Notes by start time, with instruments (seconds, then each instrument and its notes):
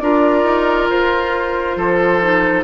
0.00 bassoon D4, clarinet F4, oboe A#4, flute D5
0.44 bassoon D#4
0.89 bassoon F4, flute C5
1.77 bassoon F3, oboe A4
2.22 clarinet D#4